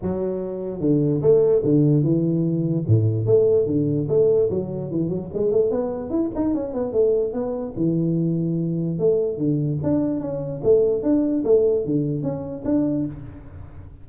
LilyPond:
\new Staff \with { instrumentName = "tuba" } { \time 4/4 \tempo 4 = 147 fis2 d4 a4 | d4 e2 a,4 | a4 d4 a4 fis4 | e8 fis8 gis8 a8 b4 e'8 dis'8 |
cis'8 b8 a4 b4 e4~ | e2 a4 d4 | d'4 cis'4 a4 d'4 | a4 d4 cis'4 d'4 | }